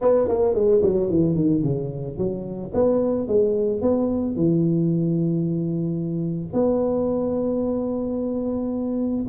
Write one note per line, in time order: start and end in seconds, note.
0.01 0.28 B3
0.28 0.54 A#3
0.54 0.81 G#3
0.82 1.09 F#3
1.09 1.35 E3
1.35 1.62 D#3
1.62 2.17 C#3
2.17 2.72 F#3
2.73 3.27 B3
3.27 3.81 G#3
3.81 4.36 B3
4.36 6.53 E3
6.53 9.26 B3